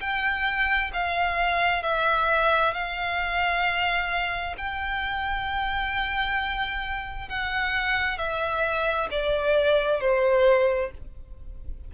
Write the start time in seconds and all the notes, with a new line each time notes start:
0.00 G5
0.93 F5
1.83 E5
2.74 F5
4.57 G5
7.29 F#5
8.18 E5
9.10 D5
10.00 C5